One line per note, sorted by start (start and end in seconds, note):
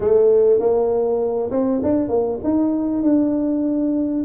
0.00 0.59 A3
0.59 1.50 A#3
1.50 1.81 C4
1.83 2.09 D4
2.09 2.39 A#3
2.43 3.02 D#4
3.02 4.24 D4